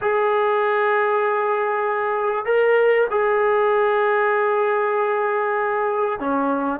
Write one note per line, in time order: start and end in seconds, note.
0.01 2.45 G#4
2.45 3.07 A#4
3.10 6.19 G#4
6.19 6.80 C#4